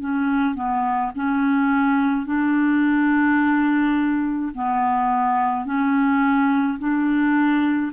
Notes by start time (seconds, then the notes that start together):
0.00 C#4
0.55 B3
1.15 C#4
2.26 D4
4.54 B3
5.65 C#4
6.79 D4